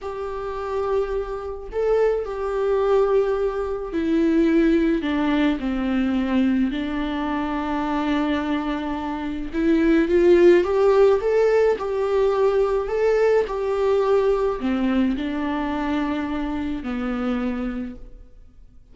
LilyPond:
\new Staff \with { instrumentName = "viola" } { \time 4/4 \tempo 4 = 107 g'2. a'4 | g'2. e'4~ | e'4 d'4 c'2 | d'1~ |
d'4 e'4 f'4 g'4 | a'4 g'2 a'4 | g'2 c'4 d'4~ | d'2 b2 | }